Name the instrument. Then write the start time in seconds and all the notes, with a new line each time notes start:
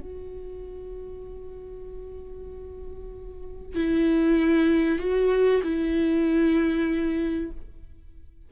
viola
0.00 F#4
3.75 E4
4.98 F#4
5.63 E4